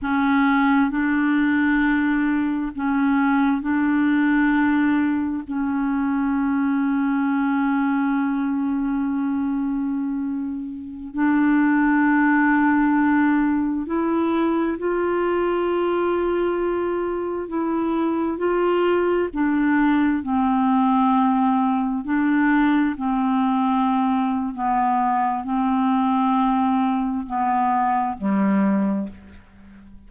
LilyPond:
\new Staff \with { instrumentName = "clarinet" } { \time 4/4 \tempo 4 = 66 cis'4 d'2 cis'4 | d'2 cis'2~ | cis'1~ | cis'16 d'2. e'8.~ |
e'16 f'2. e'8.~ | e'16 f'4 d'4 c'4.~ c'16~ | c'16 d'4 c'4.~ c'16 b4 | c'2 b4 g4 | }